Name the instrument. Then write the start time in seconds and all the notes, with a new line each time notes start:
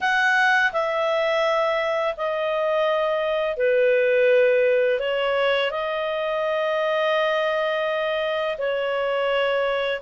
clarinet
0.00 F#5
0.72 E5
2.16 D#5
3.56 B4
4.99 C#5
5.70 D#5
8.57 C#5